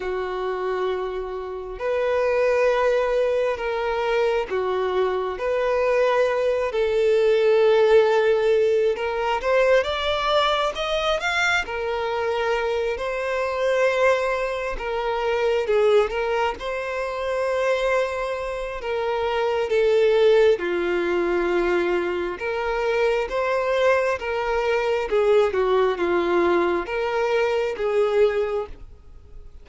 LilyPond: \new Staff \with { instrumentName = "violin" } { \time 4/4 \tempo 4 = 67 fis'2 b'2 | ais'4 fis'4 b'4. a'8~ | a'2 ais'8 c''8 d''4 | dis''8 f''8 ais'4. c''4.~ |
c''8 ais'4 gis'8 ais'8 c''4.~ | c''4 ais'4 a'4 f'4~ | f'4 ais'4 c''4 ais'4 | gis'8 fis'8 f'4 ais'4 gis'4 | }